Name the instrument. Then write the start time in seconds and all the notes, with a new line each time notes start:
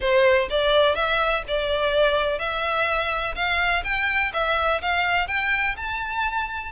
violin
0.00 C5
0.50 D5
0.95 E5
1.47 D5
2.38 E5
3.35 F5
3.84 G5
4.33 E5
4.81 F5
5.27 G5
5.76 A5